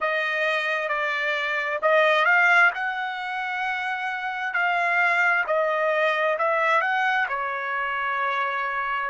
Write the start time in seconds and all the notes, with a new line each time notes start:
0.00 D#5
0.88 D5
1.81 D#5
2.25 F5
2.74 F#5
4.53 F5
5.46 D#5
6.38 E5
6.81 F#5
7.28 C#5